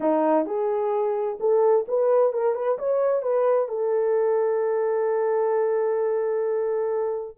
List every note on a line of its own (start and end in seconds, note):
0.00 0.46 D#4
0.46 1.38 G#4
1.40 1.86 A4
1.88 2.32 B4
2.32 2.54 A#4
2.54 2.78 B4
2.78 3.22 C#5
3.22 3.68 B4
3.68 7.37 A4